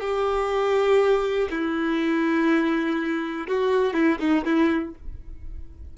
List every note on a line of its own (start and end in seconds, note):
0.00 1.48 G4
1.50 3.47 E4
3.47 3.93 F#4
3.93 4.18 E4
4.19 4.44 D#4
4.44 4.94 E4